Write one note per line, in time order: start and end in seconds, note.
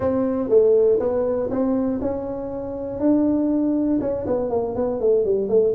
0.00 0.49 C4
0.49 0.99 A3
0.99 1.49 B3
1.50 2.00 C4
2.01 2.99 C#4
2.99 3.99 D4
4.00 4.25 C#4
4.26 4.50 B3
4.50 4.75 A#3
4.75 5.00 B3
5.00 5.24 A3
5.24 5.48 G3
5.48 5.73 A3